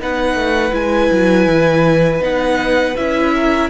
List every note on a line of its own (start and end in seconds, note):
0.00 0.35 B3
0.00 0.72 D#4
0.00 3.34 B4
0.00 0.75 F#5
0.35 0.72 A3
0.72 1.10 G#3
0.72 2.20 E4
0.72 2.23 G#5
1.12 1.47 F#3
1.47 2.21 E3
2.21 2.95 B3
2.21 2.95 D#4
2.21 2.96 F#5
2.96 3.70 C#4
2.96 3.70 E4
2.96 3.70 E5
3.34 3.70 A#4